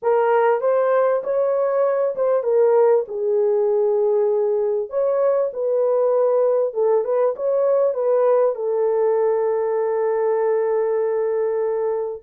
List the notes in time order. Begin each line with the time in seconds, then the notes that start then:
0.02 A#4
0.61 C5
1.23 C#5
2.15 C5
2.43 A#4
3.08 G#4
4.89 C#5
5.53 B4
6.73 A4
7.04 B4
7.36 C#5
7.94 B4
8.55 A4